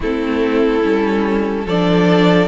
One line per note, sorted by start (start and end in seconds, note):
0.00 0.83 A3
0.00 0.82 C4
0.00 1.65 E4
0.00 1.67 A4
0.82 1.65 G3
0.82 1.65 C#4
1.65 2.48 F3
1.65 2.48 D4
1.65 2.48 A4
1.65 2.48 D5